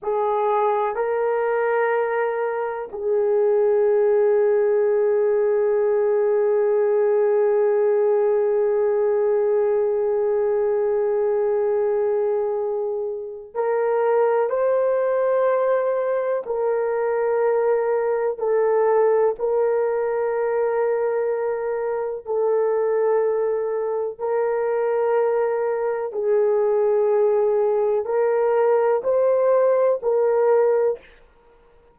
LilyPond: \new Staff \with { instrumentName = "horn" } { \time 4/4 \tempo 4 = 62 gis'4 ais'2 gis'4~ | gis'1~ | gis'1~ | gis'2 ais'4 c''4~ |
c''4 ais'2 a'4 | ais'2. a'4~ | a'4 ais'2 gis'4~ | gis'4 ais'4 c''4 ais'4 | }